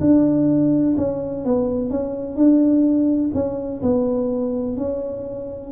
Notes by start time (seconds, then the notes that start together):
0.00 D4
0.97 C#4
1.44 B3
1.90 C#4
2.35 D4
3.34 C#4
3.81 B3
4.77 C#4